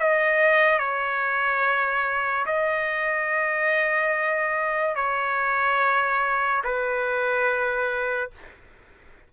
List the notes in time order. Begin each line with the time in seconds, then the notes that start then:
0.00 D#5
0.79 C#5
2.46 D#5
4.96 C#5
6.64 B4